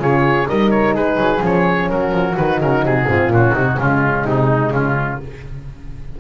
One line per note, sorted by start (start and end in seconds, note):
0.00 0.47 C#3
0.00 0.47 F4
0.00 0.48 G#4
0.00 0.49 C#5
0.49 0.95 G3
0.49 1.41 D#4
0.49 0.95 A#4
0.49 0.71 D#5
0.71 0.94 C#5
0.95 1.17 G#3
0.95 1.89 G#4
0.95 1.44 B4
1.17 1.41 F#3
1.41 1.89 F3
1.41 2.35 C#4
1.41 1.91 C#5
1.90 2.12 F#3
1.90 3.10 F#4
1.90 2.37 A#4
2.12 2.36 F3
2.37 2.61 D#3
2.37 3.08 D#4
2.37 2.61 B4
2.61 2.84 C#3
2.61 2.85 A#4
2.84 3.07 C3
2.84 3.33 G#4
3.08 3.28 G#2
3.08 3.32 C4
3.08 3.54 F4
3.28 3.52 A#2
3.28 3.56 C#4
3.28 3.80 F#4
3.54 3.78 C3
3.54 3.78 D#4
3.78 4.25 C#3
3.78 5.19 G#3
3.78 4.26 C#4
3.78 4.27 F4
4.25 4.71 C3
4.25 4.73 D#4
4.71 5.18 C#3
4.71 5.21 C#4
4.71 5.20 F4